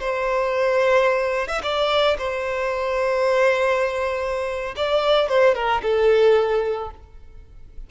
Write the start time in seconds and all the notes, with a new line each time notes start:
0.00 C5
1.48 E5
1.63 D5
2.18 C5
4.77 D5
5.29 C5
5.55 A#4
5.83 A4